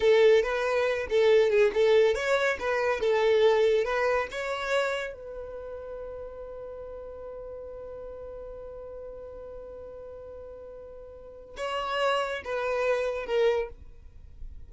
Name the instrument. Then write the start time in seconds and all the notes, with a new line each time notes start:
violin
0.00 A4
0.42 B4
1.09 A4
1.50 G#4
1.74 A4
2.14 C#5
2.59 B4
3.00 A4
3.84 B4
4.31 C#5
5.13 B4
11.57 C#5
12.44 B4
13.26 A#4